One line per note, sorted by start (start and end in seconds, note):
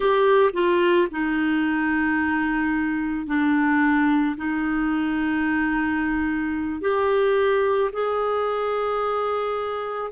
0.00 0.50 G4
0.53 1.08 F4
1.11 3.26 D#4
3.26 4.35 D4
4.36 6.81 D#4
6.81 7.90 G4
7.92 10.11 G#4